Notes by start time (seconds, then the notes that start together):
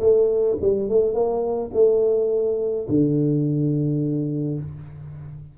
0.00 A3
0.60 G3
0.89 A3
1.14 A#3
1.73 A3
2.88 D3